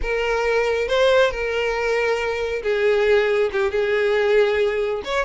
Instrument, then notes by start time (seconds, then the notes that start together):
violin
0.01 A#4
0.88 C5
1.31 A#4
2.63 G#4
3.52 G4
3.71 G#4
5.04 C#5